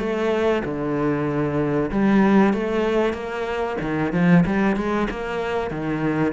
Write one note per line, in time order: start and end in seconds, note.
0.00 0.63 A3
0.65 1.91 D3
1.92 2.54 G3
2.54 3.14 A3
3.14 3.77 A#3
3.82 4.13 D#3
4.13 4.45 F3
4.47 4.77 G3
4.77 5.08 G#3
5.11 5.71 A#3
5.71 6.33 D#3